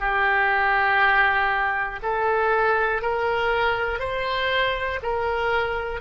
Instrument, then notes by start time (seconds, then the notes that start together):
oboe
0.00 G4
2.03 A4
3.02 A#4
4.00 C5
5.03 A#4